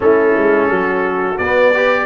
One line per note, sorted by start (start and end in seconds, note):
0.00 0.35 A3
0.00 1.35 C#4
0.00 0.71 E4
0.00 1.38 A4
0.37 0.68 G#3
0.68 1.37 F#3
0.68 1.74 F#4
1.38 2.05 B3
1.38 1.74 B3
1.38 2.05 D5
1.74 2.05 G4
1.74 2.05 B4